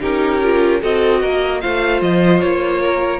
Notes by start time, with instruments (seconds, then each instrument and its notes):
0.00 cello C#4, viola D#4, violin G4 A#4
0.43 viola F4
0.80 cello C4, viola F#4, violin A4 D#5
1.21 cello A#3, violin A#4
1.61 cello A3, viola F4, violin C5 F5
2.01 cello F3, violin D#5
2.40 cello A#3, violin C#5
2.81 violin A#4